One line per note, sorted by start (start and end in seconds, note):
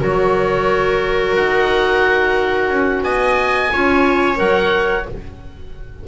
0.00 1.37 F#3
0.00 3.71 F#4
0.00 3.04 A#4
0.00 1.36 C#5
1.36 2.70 D#4
1.36 3.04 F#5
2.70 3.03 C#4
3.03 3.71 B3
3.03 3.72 D#5
3.03 4.39 G#5
3.72 4.39 C#4
3.72 4.36 F4
3.72 5.08 C#5
4.36 5.06 F#3
4.36 5.03 A#4
4.36 5.06 F#5